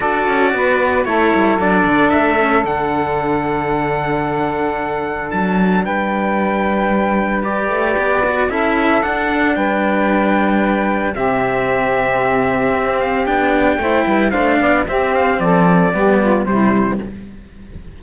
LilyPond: <<
  \new Staff \with { instrumentName = "trumpet" } { \time 4/4 \tempo 4 = 113 d''2 cis''4 d''4 | e''4 fis''2.~ | fis''2 a''4 g''4~ | g''2 d''2 |
e''4 fis''4 g''2~ | g''4 e''2.~ | e''8 f''8 g''2 f''4 | e''8 f''8 d''2 c''4 | }
  \new Staff \with { instrumentName = "saxophone" } { \time 4/4 a'4 b'4 a'2~ | a'1~ | a'2. b'4~ | b'1 |
a'2 b'2~ | b'4 g'2.~ | g'2 c''8 b'8 c''8 d''8 | g'4 a'4 g'8 f'8 e'4 | }
  \new Staff \with { instrumentName = "cello" } { \time 4/4 fis'2 e'4 d'4~ | d'8 cis'8 d'2.~ | d'1~ | d'2 g'4. fis'8 |
e'4 d'2.~ | d'4 c'2.~ | c'4 d'4 e'4 d'4 | c'2 b4 g4 | }
  \new Staff \with { instrumentName = "cello" } { \time 4/4 d'8 cis'8 b4 a8 g8 fis8 d8 | a4 d2.~ | d2 fis4 g4~ | g2~ g8 a8 b4 |
cis'4 d'4 g2~ | g4 c2. | c'4 b4 a8 g8 a8 b8 | c'4 f4 g4 c4 | }
>>